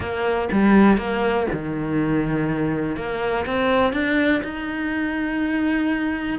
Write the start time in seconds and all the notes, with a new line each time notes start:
0.00 A#3
0.52 G3
0.97 A#3
1.52 D#3
2.96 A#3
3.46 C4
3.92 D4
4.43 D#4